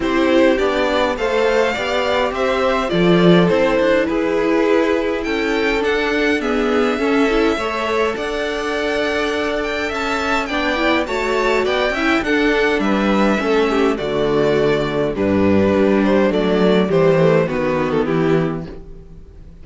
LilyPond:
<<
  \new Staff \with { instrumentName = "violin" } { \time 4/4 \tempo 4 = 103 c''4 d''4 f''2 | e''4 d''4 c''4 b'4~ | b'4 g''4 fis''4 e''4~ | e''2 fis''2~ |
fis''8 g''8 a''4 g''4 a''4 | g''4 fis''4 e''2 | d''2 b'4. c''8 | d''4 c''4 b'8. a'16 g'4 | }
  \new Staff \with { instrumentName = "violin" } { \time 4/4 g'2 c''4 d''4 | c''4 a'2 gis'4~ | gis'4 a'2 gis'4 | a'4 cis''4 d''2~ |
d''4 e''4 d''4 cis''4 | d''8 e''8 a'4 b'4 a'8 g'8 | fis'2 d'2~ | d'4 g'4 fis'4 e'4 | }
  \new Staff \with { instrumentName = "viola" } { \time 4/4 e'4 d'4 a'4 g'4~ | g'4 f'4 e'2~ | e'2 d'4 b4 | cis'8 e'8 a'2.~ |
a'2 d'8 e'8 fis'4~ | fis'8 e'8 d'2 cis'4 | a2 g2 | a4 g8 a8 b2 | }
  \new Staff \with { instrumentName = "cello" } { \time 4/4 c'4 b4 a4 b4 | c'4 f4 c'8 d'8 e'4~ | e'4 cis'4 d'2 | cis'4 a4 d'2~ |
d'4 cis'4 b4 a4 | b8 cis'8 d'4 g4 a4 | d2 g,4 g4 | fis4 e4 dis4 e4 | }
>>